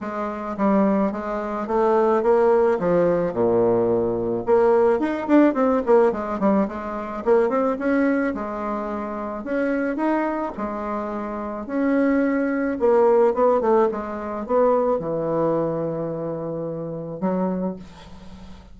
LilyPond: \new Staff \with { instrumentName = "bassoon" } { \time 4/4 \tempo 4 = 108 gis4 g4 gis4 a4 | ais4 f4 ais,2 | ais4 dis'8 d'8 c'8 ais8 gis8 g8 | gis4 ais8 c'8 cis'4 gis4~ |
gis4 cis'4 dis'4 gis4~ | gis4 cis'2 ais4 | b8 a8 gis4 b4 e4~ | e2. fis4 | }